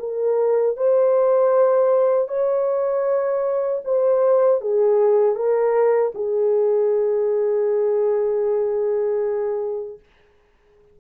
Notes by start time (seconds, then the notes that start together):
0.00 A#4
0.77 C5
2.28 C#5
3.85 C5
4.61 G#4
5.36 A#4
6.15 G#4